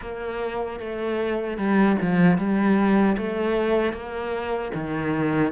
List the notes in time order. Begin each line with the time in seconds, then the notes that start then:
0.01 A#3
0.79 A3
1.57 G3
2.01 F3
2.37 G3
3.17 A3
3.92 A#3
4.74 D#3